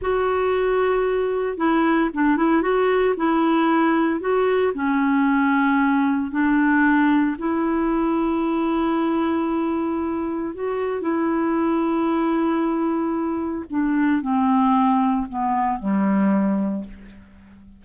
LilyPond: \new Staff \with { instrumentName = "clarinet" } { \time 4/4 \tempo 4 = 114 fis'2. e'4 | d'8 e'8 fis'4 e'2 | fis'4 cis'2. | d'2 e'2~ |
e'1 | fis'4 e'2.~ | e'2 d'4 c'4~ | c'4 b4 g2 | }